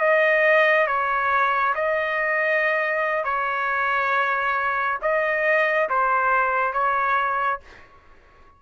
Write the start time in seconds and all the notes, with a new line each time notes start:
0.00 D#5
0.87 C#5
1.75 D#5
3.25 C#5
5.02 D#5
5.89 C5
6.73 C#5